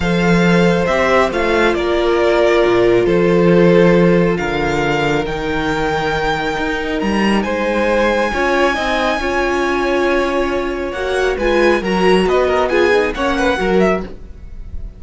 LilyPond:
<<
  \new Staff \with { instrumentName = "violin" } { \time 4/4 \tempo 4 = 137 f''2 e''4 f''4 | d''2. c''4~ | c''2 f''2 | g''1 |
ais''4 gis''2.~ | gis''1~ | gis''4 fis''4 gis''4 ais''4 | dis''4 gis''4 fis''4. e''8 | }
  \new Staff \with { instrumentName = "violin" } { \time 4/4 c''1 | ais'2. a'4~ | a'2 ais'2~ | ais'1~ |
ais'4 c''2 cis''4 | dis''4 cis''2.~ | cis''2 b'4 ais'4 | b'8 ais'8 gis'4 cis''8 b'8 ais'4 | }
  \new Staff \with { instrumentName = "viola" } { \time 4/4 a'2 g'4 f'4~ | f'1~ | f'1 | dis'1~ |
dis'2. f'4 | dis'4 f'2.~ | f'4 fis'4 f'4 fis'4~ | fis'4 f'8 dis'8 cis'4 fis'4 | }
  \new Staff \with { instrumentName = "cello" } { \time 4/4 f2 c'4 a4 | ais2 ais,4 f4~ | f2 d2 | dis2. dis'4 |
g4 gis2 cis'4 | c'4 cis'2.~ | cis'4 ais4 gis4 fis4 | b2 ais4 fis4 | }
>>